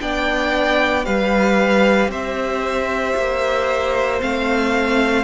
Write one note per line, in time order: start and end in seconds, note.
0.00 1.06 B3
0.00 1.05 D4
0.00 1.06 D5
0.00 1.05 G5
1.05 2.08 G3
1.05 4.20 G4
1.05 2.11 B4
1.05 2.10 F5
2.08 3.14 C4
2.08 5.23 C5
2.08 4.21 E5
3.16 4.21 A#3
4.20 5.23 A3
4.20 5.23 C4
4.20 5.23 F5